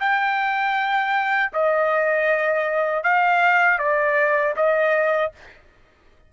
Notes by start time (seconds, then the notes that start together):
0.00 G5
1.53 D#5
3.03 F5
3.79 D5
4.56 D#5